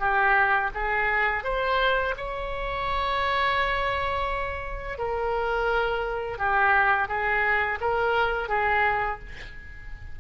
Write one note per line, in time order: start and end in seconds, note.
0.00 0.71 G4
0.75 1.44 G#4
1.44 2.15 C5
2.18 4.98 C#5
4.98 6.39 A#4
6.39 7.08 G4
7.08 7.79 G#4
7.81 8.49 A#4
8.49 9.19 G#4